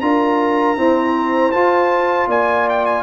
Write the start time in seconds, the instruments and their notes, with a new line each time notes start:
0.00 tuba D4, trombone F4, horn A#4, trumpet A#5
0.76 trombone C4, tuba E4, horn C5
1.51 trombone F4, tuba F4, trumpet A5
2.27 tuba A#3, horn D5, trumpet G#5
2.69 trumpet G5
2.85 trumpet G#5